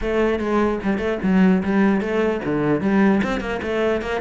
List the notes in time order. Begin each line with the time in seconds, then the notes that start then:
0.01 A3
0.39 G#3
0.83 G3
0.98 A3
1.22 F#3
1.63 G3
2.00 A3
2.44 D3
2.80 G3
3.23 C4
3.40 A#3
3.62 A3
4.01 A#3